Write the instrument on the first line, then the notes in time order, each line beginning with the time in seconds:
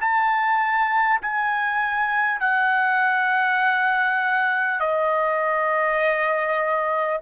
trumpet
0.00 A5
1.21 G#5
2.40 F#5
4.79 D#5